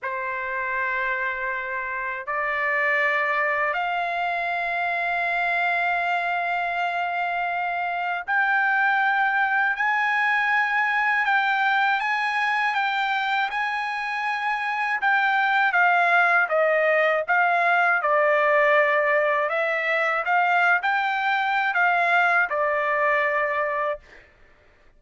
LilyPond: \new Staff \with { instrumentName = "trumpet" } { \time 4/4 \tempo 4 = 80 c''2. d''4~ | d''4 f''2.~ | f''2. g''4~ | g''4 gis''2 g''4 |
gis''4 g''4 gis''2 | g''4 f''4 dis''4 f''4 | d''2 e''4 f''8. g''16~ | g''4 f''4 d''2 | }